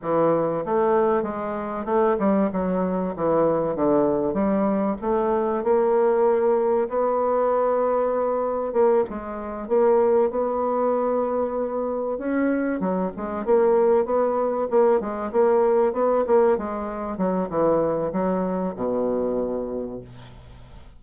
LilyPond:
\new Staff \with { instrumentName = "bassoon" } { \time 4/4 \tempo 4 = 96 e4 a4 gis4 a8 g8 | fis4 e4 d4 g4 | a4 ais2 b4~ | b2 ais8 gis4 ais8~ |
ais8 b2. cis'8~ | cis'8 fis8 gis8 ais4 b4 ais8 | gis8 ais4 b8 ais8 gis4 fis8 | e4 fis4 b,2 | }